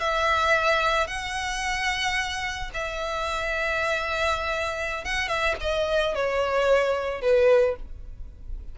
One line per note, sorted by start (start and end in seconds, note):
0.00 1.08 E5
1.08 2.71 F#5
2.74 5.05 E5
5.05 5.29 F#5
5.29 5.56 E5
5.61 6.16 D#5
6.16 7.22 C#5
7.22 7.76 B4